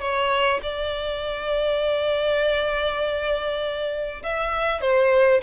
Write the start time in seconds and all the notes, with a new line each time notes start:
0.00 C#5
0.62 D5
4.23 E5
4.81 C5